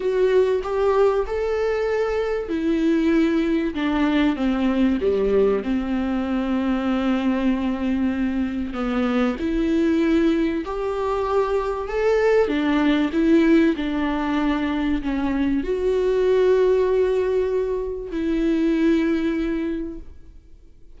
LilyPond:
\new Staff \with { instrumentName = "viola" } { \time 4/4 \tempo 4 = 96 fis'4 g'4 a'2 | e'2 d'4 c'4 | g4 c'2.~ | c'2 b4 e'4~ |
e'4 g'2 a'4 | d'4 e'4 d'2 | cis'4 fis'2.~ | fis'4 e'2. | }